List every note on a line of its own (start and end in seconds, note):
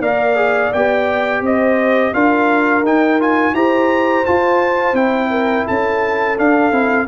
0.00 0.71 A#3
0.00 0.36 A#4
0.00 1.43 D5
0.00 0.72 F5
0.36 0.71 G#4
0.73 1.41 B3
0.73 2.14 G4
0.73 1.43 G5
1.41 2.12 C4
1.41 2.13 C5
1.41 2.14 D#5
2.13 2.82 D4
2.13 2.84 F4
2.13 3.55 A#4
2.13 2.84 F5
2.82 3.53 D#4
2.82 3.20 D#4
2.82 3.21 G5
3.20 3.55 F4
3.20 3.55 G#5
3.53 4.24 E4
3.53 4.25 G4
3.53 5.31 C5
3.53 4.25 A#5
4.25 4.95 F4
4.25 4.93 F4
4.25 4.95 A5
4.93 5.63 C4
4.93 6.36 E4
4.93 5.66 G5
5.31 5.66 A#4
5.66 6.38 C#4
5.66 7.07 A4
5.66 6.38 A5
6.38 6.72 D4
6.38 7.07 F5
6.72 7.07 C4
6.72 7.07 E4